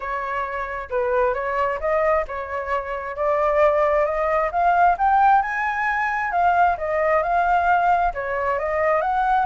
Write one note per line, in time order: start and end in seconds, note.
0.00 0.89 C#5
0.90 1.34 B4
1.34 1.79 C#5
1.80 2.25 D#5
2.27 3.15 C#5
3.15 4.05 D5
4.05 4.50 D#5
4.51 4.96 F5
4.97 5.42 G5
5.42 6.31 G#5
6.31 6.76 F5
6.77 7.22 D#5
7.22 8.13 F5
8.13 8.58 C#5
8.58 9.01 D#5
9.01 9.45 F#5